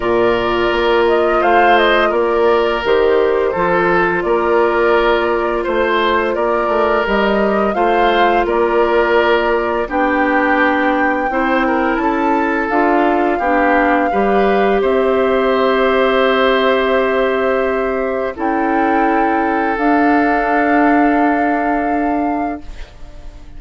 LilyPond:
<<
  \new Staff \with { instrumentName = "flute" } { \time 4/4 \tempo 4 = 85 d''4. dis''8 f''8 dis''8 d''4 | c''2 d''2 | c''4 d''4 dis''4 f''4 | d''2 g''2~ |
g''4 a''4 f''2~ | f''4 e''2.~ | e''2 g''2 | f''1 | }
  \new Staff \with { instrumentName = "oboe" } { \time 4/4 ais'2 c''4 ais'4~ | ais'4 a'4 ais'2 | c''4 ais'2 c''4 | ais'2 g'2 |
c''8 ais'8 a'2 g'4 | b'4 c''2.~ | c''2 a'2~ | a'1 | }
  \new Staff \with { instrumentName = "clarinet" } { \time 4/4 f'1 | g'4 f'2.~ | f'2 g'4 f'4~ | f'2 d'2 |
e'2 f'4 d'4 | g'1~ | g'2 e'2 | d'1 | }
  \new Staff \with { instrumentName = "bassoon" } { \time 4/4 ais,4 ais4 a4 ais4 | dis4 f4 ais2 | a4 ais8 a8 g4 a4 | ais2 b2 |
c'4 cis'4 d'4 b4 | g4 c'2.~ | c'2 cis'2 | d'1 | }
>>